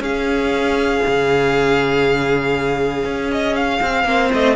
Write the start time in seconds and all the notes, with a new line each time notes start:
0.00 C#4 G#4 F5
1.06 C#3
3.05 C#4
3.32 D#5
3.56 F5
3.82 C4
4.05 A#3 C4 C5
4.33 A3 D#5